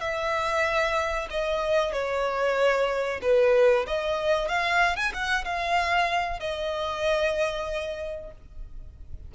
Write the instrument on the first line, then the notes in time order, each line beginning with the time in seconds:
violin
0.00 E5
1.30 D#5
1.92 C#5
3.21 B4
3.86 D#5
4.48 F5
4.96 G#5
5.13 F#5
5.44 F5
6.39 D#5